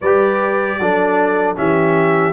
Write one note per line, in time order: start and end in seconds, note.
0.01 0.79 G3
0.01 0.81 G4
0.01 0.79 B4
0.01 1.56 D5
0.79 1.57 F#3
0.79 1.55 D4
0.79 1.57 A4
1.55 2.32 E3
1.55 2.32 C#4
1.55 2.32 G4
1.55 2.32 E5